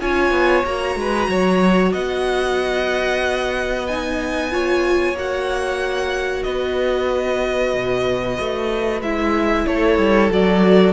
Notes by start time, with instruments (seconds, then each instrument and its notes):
0.00 cello C#4, viola F4, violin C#5 G#5
0.31 cello B3
0.65 cello A#3, viola F#4, violin A#5
0.95 cello G#3, violin B4
1.28 cello F#3, violin C#5
1.92 cello B3, violin D#5 F#5
3.87 viola D#4, violin G#5
4.51 viola F4, violin C#5
5.13 cello A#3, viola F#4, violin F#5
6.43 cello B3, violin B4 D#5
7.74 cello B2
8.40 cello A3
9.01 cello G#3, viola E4, violin E5
9.66 cello A3, violin A4 C#5
9.98 cello G3
10.31 cello F#3, viola F#4, violin D5